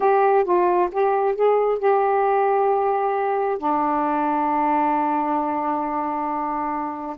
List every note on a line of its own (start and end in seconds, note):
0.00 0.44 G4
0.44 0.89 F4
0.91 1.35 G4
1.35 1.78 G#4
1.78 3.57 G4
3.58 7.16 D4